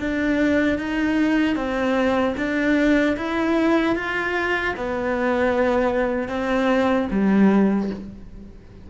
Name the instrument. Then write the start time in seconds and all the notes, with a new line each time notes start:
cello
0.00 D4
0.79 D#4
1.56 C4
2.38 D4
3.17 E4
3.96 F4
4.77 B3
6.29 C4
7.11 G3